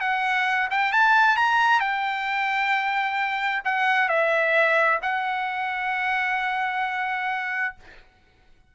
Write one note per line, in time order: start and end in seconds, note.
0.00 0.68 F#5
0.70 0.92 G5
0.92 1.36 A5
1.36 1.80 A#5
1.80 3.62 G5
3.64 4.08 F#5
4.08 4.99 E5
5.02 7.75 F#5